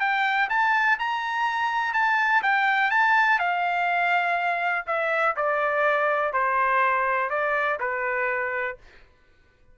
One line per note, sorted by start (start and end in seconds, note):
0.00 0.49 G5
0.50 0.99 A5
0.99 1.94 A#5
1.94 2.43 A5
2.43 2.91 G5
2.91 3.39 A5
3.39 4.86 F5
4.87 5.36 E5
5.37 6.33 D5
6.33 7.30 C5
7.30 7.79 D5
7.80 8.78 B4